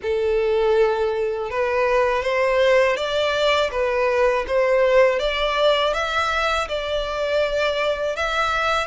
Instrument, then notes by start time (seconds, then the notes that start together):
violin
0.02 A4
1.50 B4
2.22 C5
2.96 D5
3.71 B4
4.47 C5
5.19 D5
5.93 E5
6.68 D5
8.15 E5